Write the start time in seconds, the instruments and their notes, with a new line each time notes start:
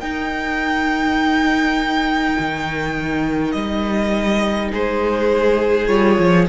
0.00 viola D#4, cello D#4, violin A#4 G5
2.39 cello D#3
3.52 cello G3, violin D#5
4.71 cello G#3, violin G#4 C5
5.87 cello G3, viola F4, violin C#5
6.18 cello F3